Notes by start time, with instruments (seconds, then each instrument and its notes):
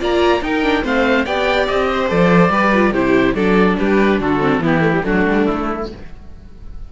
0.00 cello A#3, viola F4, violin D5, oboe A#5
0.42 cello D#4, viola D#4, violin A#4, oboe G5
0.63 viola D4
0.83 cello A3, viola C4, violin C5, oboe F5
1.26 cello B3, viola G4, violin D5, oboe G5
1.67 cello C4, oboe D#5
1.92 violin C5
2.08 cello F3, viola A4, oboe D5
2.50 cello G3, viola G4, violin B4
2.74 viola F4
2.92 cello C3, viola E4, violin G4, oboe C5
3.35 cello F#3, viola D4, violin A4, oboe D5
3.79 cello G3, violin G4, oboe B4
4.21 cello D3, violin F#4, oboe A4
4.41 viola C4
4.59 cello E3, viola B3, violin E4
4.66 oboe G4
4.81 viola A3
4.93 viola G3
5.04 cello F#3, viola A3, violin D4, oboe F#4
5.27 cello G3
5.46 cello A3, oboe E4